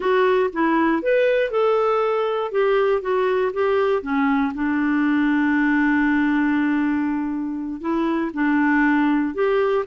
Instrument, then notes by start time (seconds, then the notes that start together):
clarinet
0.00 F#4
0.52 E4
1.02 B4
1.50 A4
2.51 G4
3.01 F#4
3.53 G4
4.02 C#4
4.54 D4
7.81 E4
8.33 D4
9.34 G4